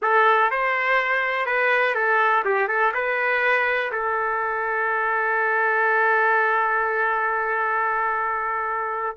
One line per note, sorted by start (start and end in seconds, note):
0.02 0.50 A4
0.50 1.46 C5
1.46 1.94 B4
1.94 2.43 A4
2.44 2.68 G4
2.68 2.92 A4
2.94 3.91 B4
3.92 9.16 A4